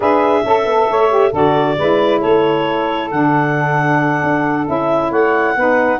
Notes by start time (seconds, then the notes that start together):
0.00 D4 G#4 B4 E5
0.44 C#4 A4
0.65 B3
0.87 A3 C#5
1.09 G4
1.30 D3 F#4 A4 D5
1.78 G#3 E4 B4
2.20 A3 A4 C#5
3.10 D3 D4 F#5
4.23 D4
4.66 C#4 E4 E5
5.10 A3 C#5 F#5
5.55 B3 D#4 B4